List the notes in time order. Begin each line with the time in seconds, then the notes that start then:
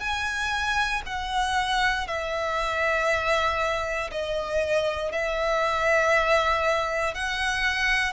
0.00 G#5
1.06 F#5
2.07 E5
4.11 D#5
5.12 E5
7.14 F#5